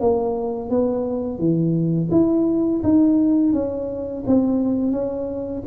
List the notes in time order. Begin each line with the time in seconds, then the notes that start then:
0.00 A#3
0.70 B3
1.38 E3
2.11 E4
2.83 D#4
3.53 C#4
4.26 C4
4.92 C#4